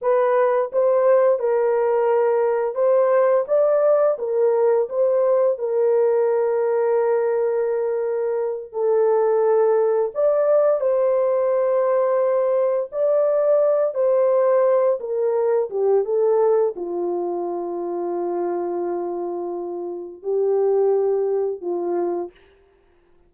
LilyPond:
\new Staff \with { instrumentName = "horn" } { \time 4/4 \tempo 4 = 86 b'4 c''4 ais'2 | c''4 d''4 ais'4 c''4 | ais'1~ | ais'8 a'2 d''4 c''8~ |
c''2~ c''8 d''4. | c''4. ais'4 g'8 a'4 | f'1~ | f'4 g'2 f'4 | }